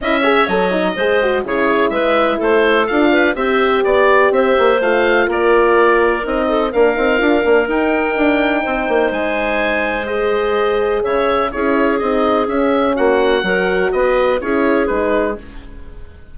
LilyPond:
<<
  \new Staff \with { instrumentName = "oboe" } { \time 4/4 \tempo 4 = 125 e''4 dis''2 cis''4 | e''4 c''4 f''4 e''4 | d''4 e''4 f''4 d''4~ | d''4 dis''4 f''2 |
g''2. gis''4~ | gis''4 dis''2 e''4 | cis''4 dis''4 e''4 fis''4~ | fis''4 dis''4 cis''4 b'4 | }
  \new Staff \with { instrumentName = "clarinet" } { \time 4/4 dis''8 cis''4. c''4 gis'4 | b'4 a'4. b'8 c''4 | d''4 c''2 ais'4~ | ais'4. a'8 ais'2~ |
ais'2 c''2~ | c''2. cis''4 | gis'2. fis'4 | ais'4 b'4 gis'2 | }
  \new Staff \with { instrumentName = "horn" } { \time 4/4 e'8 gis'8 a'8 dis'8 gis'8 fis'8 e'4~ | e'2 f'4 g'4~ | g'2 f'2~ | f'4 dis'4 d'8 dis'8 f'8 d'8 |
dis'1~ | dis'4 gis'2. | e'4 dis'4 cis'2 | fis'2 e'4 dis'4 | }
  \new Staff \with { instrumentName = "bassoon" } { \time 4/4 cis'4 fis4 gis4 cis4 | gis4 a4 d'4 c'4 | b4 c'8 ais8 a4 ais4~ | ais4 c'4 ais8 c'8 d'8 ais8 |
dis'4 d'4 c'8 ais8 gis4~ | gis2. cis4 | cis'4 c'4 cis'4 ais4 | fis4 b4 cis'4 gis4 | }
>>